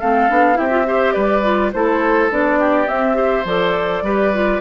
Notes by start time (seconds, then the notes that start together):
0.00 A3 C4 A4 F5
0.29 B3 D4
0.54 C4 E4 G4 E5
0.70 F4
0.86 G4 C5
1.12 G3 B4 D5
1.43 F4
1.73 A3 E4 A4 C5
2.30 B3 D4 D5
2.59 G4
2.86 C4 E5
3.14 G4 C5
3.45 F3 A4 D5
4.02 G3 G4 B4
4.34 F4